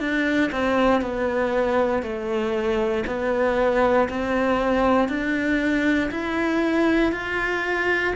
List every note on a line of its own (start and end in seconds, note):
0.00 0.51 D4
0.52 1.02 C4
1.02 2.03 B3
2.03 3.05 A3
3.07 4.09 B3
4.09 5.09 C4
5.09 6.11 D4
6.11 7.13 E4
7.13 8.14 F4